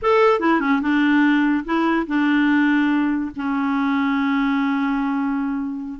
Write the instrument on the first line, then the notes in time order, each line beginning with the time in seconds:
clarinet
0.02 A4
0.39 E4
0.60 C#4
0.81 D4
1.65 E4
2.06 D4
3.36 C#4